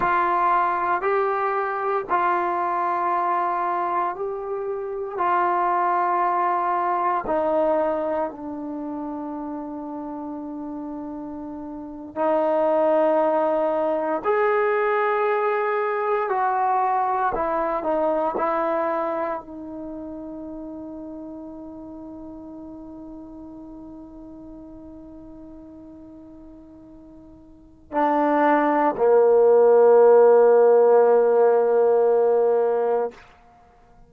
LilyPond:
\new Staff \with { instrumentName = "trombone" } { \time 4/4 \tempo 4 = 58 f'4 g'4 f'2 | g'4 f'2 dis'4 | d'2.~ d'8. dis'16~ | dis'4.~ dis'16 gis'2 fis'16~ |
fis'8. e'8 dis'8 e'4 dis'4~ dis'16~ | dis'1~ | dis'2. d'4 | ais1 | }